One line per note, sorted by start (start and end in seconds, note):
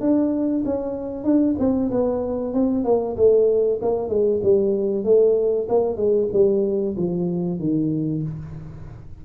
0.00 0.63 D4
0.65 1.24 C#4
1.24 1.55 D4
1.58 1.90 C4
1.91 2.53 B3
2.53 2.84 C4
2.84 3.16 A#3
3.16 3.79 A3
3.81 4.09 A#3
4.09 4.40 G#3
4.42 5.04 G3
5.04 5.67 A3
5.68 5.96 A#3
5.96 6.28 G#3
6.32 6.95 G3
6.96 7.59 F3
7.59 8.22 D#3